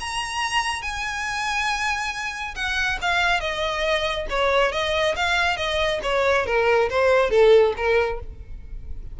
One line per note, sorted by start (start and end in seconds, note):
0.00 0.82 A#5
0.82 2.55 G#5
2.55 2.98 F#5
3.02 3.40 F5
3.40 4.27 D#5
4.29 4.72 C#5
4.72 5.15 D#5
5.16 5.57 F5
5.57 6.00 D#5
6.03 6.46 C#5
6.46 6.89 A#4
6.90 7.30 C5
7.30 7.73 A4
7.77 8.20 A#4